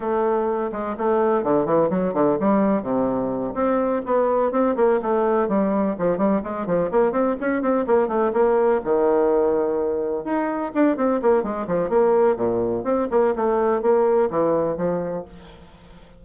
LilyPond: \new Staff \with { instrumentName = "bassoon" } { \time 4/4 \tempo 4 = 126 a4. gis8 a4 d8 e8 | fis8 d8 g4 c4. c'8~ | c'8 b4 c'8 ais8 a4 g8~ | g8 f8 g8 gis8 f8 ais8 c'8 cis'8 |
c'8 ais8 a8 ais4 dis4.~ | dis4. dis'4 d'8 c'8 ais8 | gis8 f8 ais4 ais,4 c'8 ais8 | a4 ais4 e4 f4 | }